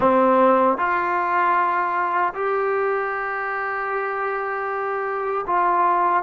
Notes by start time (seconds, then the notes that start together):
0.00 C4
0.77 F4
2.33 G4
5.47 F4